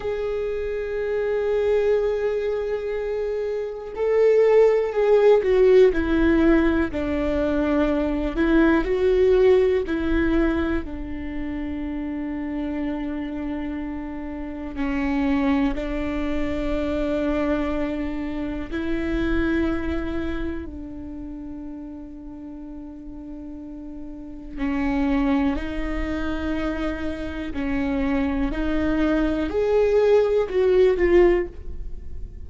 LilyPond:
\new Staff \with { instrumentName = "viola" } { \time 4/4 \tempo 4 = 61 gis'1 | a'4 gis'8 fis'8 e'4 d'4~ | d'8 e'8 fis'4 e'4 d'4~ | d'2. cis'4 |
d'2. e'4~ | e'4 d'2.~ | d'4 cis'4 dis'2 | cis'4 dis'4 gis'4 fis'8 f'8 | }